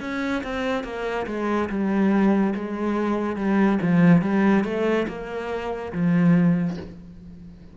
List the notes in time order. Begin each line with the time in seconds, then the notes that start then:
0.00 C#4
0.43 C4
0.84 A#3
1.26 G#3
1.69 G3
2.55 G#3
3.36 G3
3.82 F3
4.21 G3
4.64 A3
5.07 A#3
5.92 F3